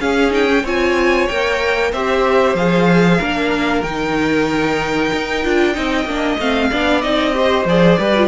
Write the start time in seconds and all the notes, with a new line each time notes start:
0.00 C#4 G#4 F5
0.31 D#4 G5
0.46 C#4
0.63 C4 F4 C#5 G#5
1.28 A#3 A#4 G5
1.92 C4 G4 C5 E5
2.55 F3 G#4 F5
3.18 A#3 D4 A#4
3.82 D#3 D#4 G5
5.13 D#4
5.44 D4 F4
5.73 C4 D#4 D#5
6.05 A#3 D4
6.38 A3 C4 F5
6.71 B3 D4 D5
7.02 C4 D#4 D#5
7.34 G4 C5
7.65 F3 G#4 D5
7.99 G3 G4 B4
8.16 F4